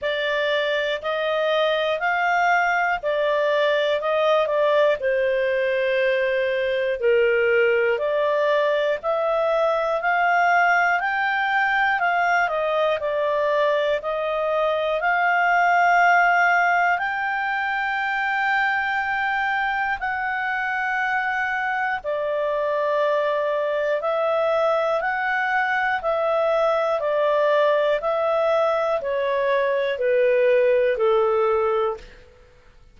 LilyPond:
\new Staff \with { instrumentName = "clarinet" } { \time 4/4 \tempo 4 = 60 d''4 dis''4 f''4 d''4 | dis''8 d''8 c''2 ais'4 | d''4 e''4 f''4 g''4 | f''8 dis''8 d''4 dis''4 f''4~ |
f''4 g''2. | fis''2 d''2 | e''4 fis''4 e''4 d''4 | e''4 cis''4 b'4 a'4 | }